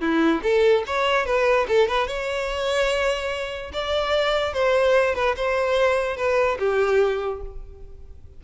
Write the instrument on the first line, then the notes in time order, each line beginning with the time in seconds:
violin
0.00 E4
0.43 A4
0.86 C#5
1.25 B4
1.68 A4
1.88 B4
2.07 C#5
3.73 D5
4.53 C5
5.14 B4
5.36 C5
6.16 B4
6.59 G4